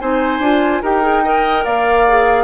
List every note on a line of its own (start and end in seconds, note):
0.00 0.39 C4
0.00 0.42 D#4
0.00 0.82 C5
0.00 0.82 G#5
0.39 0.80 D4
0.39 0.83 F4
0.82 1.65 D#4
0.82 1.02 G4
0.82 1.23 A#4
0.82 1.65 G5
1.02 1.22 G#4
1.24 2.07 A#4
1.24 1.65 D#5
1.65 2.44 A#3
1.65 2.44 D5
1.65 2.44 F5
2.08 2.44 G#4